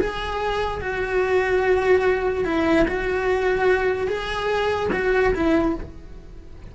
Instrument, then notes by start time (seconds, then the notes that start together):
cello
0.00 G#4
0.81 F#4
2.45 E4
2.88 F#4
4.08 G#4
4.93 F#4
5.35 E4